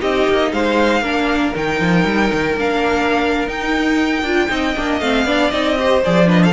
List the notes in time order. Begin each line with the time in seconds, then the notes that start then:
0.00 C4 D#4 G4 D#5
0.28 A#3
0.52 G#3 C5 F5
1.01 A#3 D4 A#4
1.54 D#3 D#4 G5
1.80 F3
2.05 G3
2.33 D#3
2.57 A#3 D4 F5
3.46 D#4 G5
4.22 D4 F4
4.48 C4 D#4 D#5
4.76 A#3 D4
5.00 A3 C4 F5
5.25 B3 D4 D5
5.50 C4 D#4 D#5
5.77 G4 C5
6.04 F3 G#4 D5
6.26 D4 B4 D#5
6.43 A4 F5